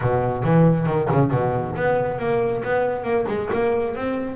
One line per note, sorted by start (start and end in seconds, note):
0.01 0.43 B2
0.43 0.86 E3
0.86 1.08 D#3
1.11 1.31 C#3
1.31 1.75 B2
1.75 2.19 B3
2.19 2.62 A#3
2.64 3.03 B3
3.03 3.25 A#3
3.27 3.49 G#3
3.53 3.95 A#3
3.95 4.36 C4